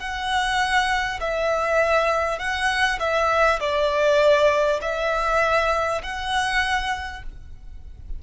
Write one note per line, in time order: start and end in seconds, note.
0.00 1.20 F#5
1.21 2.39 E5
2.39 2.99 F#5
3.00 3.60 E5
3.61 4.81 D5
4.82 6.02 E5
6.03 7.23 F#5